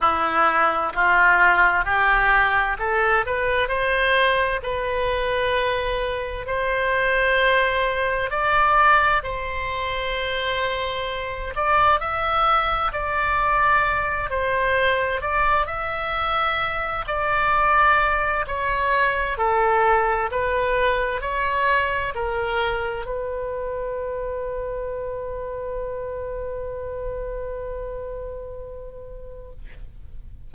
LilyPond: \new Staff \with { instrumentName = "oboe" } { \time 4/4 \tempo 4 = 65 e'4 f'4 g'4 a'8 b'8 | c''4 b'2 c''4~ | c''4 d''4 c''2~ | c''8 d''8 e''4 d''4. c''8~ |
c''8 d''8 e''4. d''4. | cis''4 a'4 b'4 cis''4 | ais'4 b'2.~ | b'1 | }